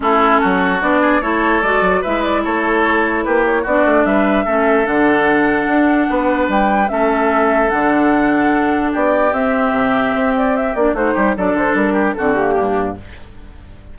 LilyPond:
<<
  \new Staff \with { instrumentName = "flute" } { \time 4/4 \tempo 4 = 148 a'2 d''4 cis''4 | d''4 e''8 d''8 cis''2 | b'8 cis''8 d''4 e''2 | fis''1 |
g''4 e''2 fis''4~ | fis''2 d''4 e''4~ | e''4. d''8 e''8 d''8 c''4 | d''8 c''8 ais'4 a'8 g'4. | }
  \new Staff \with { instrumentName = "oboe" } { \time 4/4 e'4 fis'4. gis'8 a'4~ | a'4 b'4 a'2 | g'4 fis'4 b'4 a'4~ | a'2. b'4~ |
b'4 a'2.~ | a'2 g'2~ | g'2. fis'8 g'8 | a'4. g'8 fis'4 d'4 | }
  \new Staff \with { instrumentName = "clarinet" } { \time 4/4 cis'2 d'4 e'4 | fis'4 e'2.~ | e'4 d'2 cis'4 | d'1~ |
d'4 cis'2 d'4~ | d'2. c'4~ | c'2~ c'8 d'8 dis'4 | d'2 c'8 ais4. | }
  \new Staff \with { instrumentName = "bassoon" } { \time 4/4 a4 fis4 b4 a4 | gis8 fis8 gis4 a2 | ais4 b8 a8 g4 a4 | d2 d'4 b4 |
g4 a2 d4~ | d2 b4 c'4 | c4 c'4. ais8 a8 g8 | fis8 d8 g4 d4 g,4 | }
>>